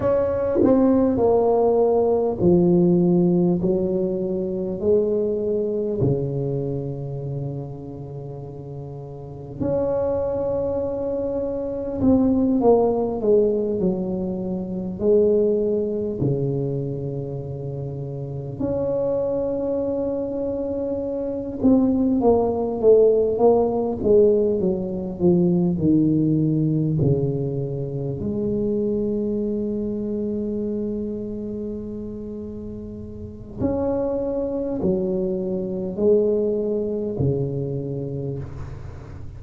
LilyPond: \new Staff \with { instrumentName = "tuba" } { \time 4/4 \tempo 4 = 50 cis'8 c'8 ais4 f4 fis4 | gis4 cis2. | cis'2 c'8 ais8 gis8 fis8~ | fis8 gis4 cis2 cis'8~ |
cis'2 c'8 ais8 a8 ais8 | gis8 fis8 f8 dis4 cis4 gis8~ | gis1 | cis'4 fis4 gis4 cis4 | }